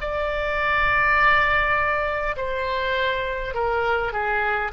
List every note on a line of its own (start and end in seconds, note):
0.00 2.35 D5
2.36 3.53 C5
3.53 4.12 A#4
4.12 4.71 G#4